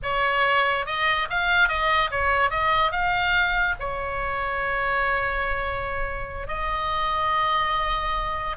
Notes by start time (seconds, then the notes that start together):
0.02 C#5
0.86 D#5
1.30 F5
1.68 D#5
2.10 C#5
2.50 D#5
2.91 F5
3.79 C#5
6.47 D#5